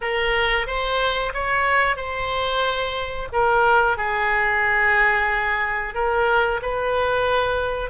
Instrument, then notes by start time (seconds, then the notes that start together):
oboe
0.01 A#4
0.67 C5
1.33 C#5
1.96 C5
3.32 A#4
3.97 G#4
5.94 A#4
6.61 B4